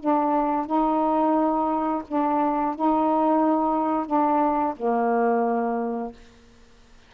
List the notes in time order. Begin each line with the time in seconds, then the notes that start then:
0.00 D4
0.67 D#4
2.08 D4
2.76 D#4
4.07 D4
4.77 A#3